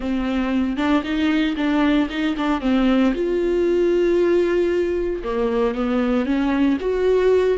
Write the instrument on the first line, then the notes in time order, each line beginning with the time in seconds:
viola
0.00 C4
0.76 D4
1.03 D#4
1.57 D4
2.09 D#4
2.37 D4
2.61 C4
3.14 F4
5.23 A#3
5.74 B3
6.25 C#4
6.80 F#4